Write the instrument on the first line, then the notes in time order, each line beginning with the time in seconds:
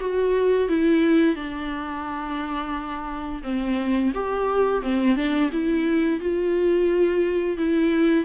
viola
0.00 F#4
0.69 E4
1.35 D4
3.43 C4
4.14 G4
4.82 C4
5.16 D4
5.52 E4
6.20 F4
7.57 E4